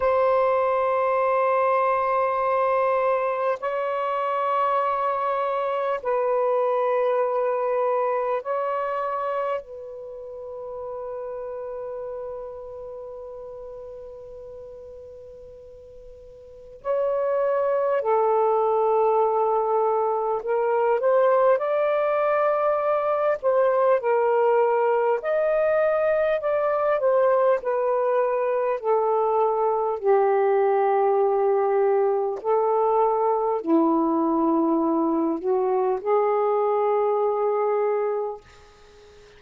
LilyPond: \new Staff \with { instrumentName = "saxophone" } { \time 4/4 \tempo 4 = 50 c''2. cis''4~ | cis''4 b'2 cis''4 | b'1~ | b'2 cis''4 a'4~ |
a'4 ais'8 c''8 d''4. c''8 | ais'4 dis''4 d''8 c''8 b'4 | a'4 g'2 a'4 | e'4. fis'8 gis'2 | }